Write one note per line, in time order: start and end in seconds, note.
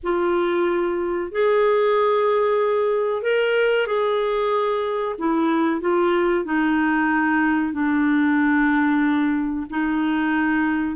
0.03 1.31 F4
1.31 3.22 G#4
3.22 3.86 A#4
3.86 5.15 G#4
5.18 5.80 E4
5.80 6.44 F4
6.44 7.72 D#4
7.72 9.66 D4
9.69 10.95 D#4